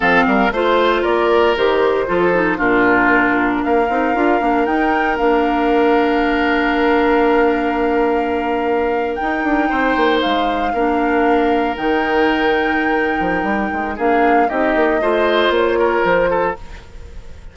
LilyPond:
<<
  \new Staff \with { instrumentName = "flute" } { \time 4/4 \tempo 4 = 116 f''4 c''4 d''4 c''4~ | c''4 ais'2 f''4~ | f''4 g''4 f''2~ | f''1~ |
f''4.~ f''16 g''2 f''16~ | f''2~ f''8. g''4~ g''16~ | g''2. f''4 | dis''2 cis''4 c''4 | }
  \new Staff \with { instrumentName = "oboe" } { \time 4/4 a'8 ais'8 c''4 ais'2 | a'4 f'2 ais'4~ | ais'1~ | ais'1~ |
ais'2~ ais'8. c''4~ c''16~ | c''8. ais'2.~ ais'16~ | ais'2. gis'4 | g'4 c''4. ais'4 a'8 | }
  \new Staff \with { instrumentName = "clarinet" } { \time 4/4 c'4 f'2 g'4 | f'8 dis'8 d'2~ d'8 dis'8 | f'8 d'8 dis'4 d'2~ | d'1~ |
d'4.~ d'16 dis'2~ dis'16~ | dis'8. d'2 dis'4~ dis'16~ | dis'2. d'4 | dis'4 f'2. | }
  \new Staff \with { instrumentName = "bassoon" } { \time 4/4 f8 g8 a4 ais4 dis4 | f4 ais,2 ais8 c'8 | d'8 ais8 dis'4 ais2~ | ais1~ |
ais4.~ ais16 dis'8 d'8 c'8 ais8 gis16~ | gis8. ais2 dis4~ dis16~ | dis4. f8 g8 gis8 ais4 | c'8 ais8 a4 ais4 f4 | }
>>